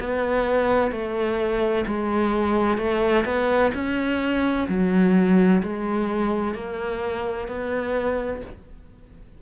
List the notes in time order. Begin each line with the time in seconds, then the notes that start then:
0.00 B3
0.92 A3
1.87 G#3
2.78 A3
3.25 B3
3.75 C#4
4.69 F#3
5.63 G#3
6.55 A#3
7.48 B3